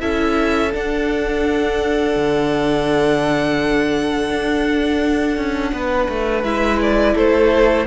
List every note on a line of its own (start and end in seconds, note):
0.00 0.74 C#4
0.00 0.71 E4
0.00 5.72 A4
0.00 0.72 E5
0.73 6.44 D4
0.73 2.16 D4
0.73 6.44 F#5
2.16 4.30 D3
4.30 5.37 D4
5.37 5.73 C#4
5.73 6.08 B3
5.73 7.15 B4
6.09 6.44 A3
6.44 7.15 G#3
6.44 7.87 E4
6.44 6.80 E5
6.82 7.17 D5
7.15 7.87 A3
7.15 7.86 A4
7.15 7.87 C5